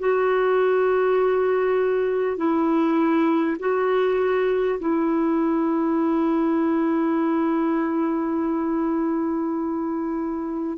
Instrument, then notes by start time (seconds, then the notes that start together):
clarinet
0.00 F#4
2.37 E4
3.59 F#4
4.80 E4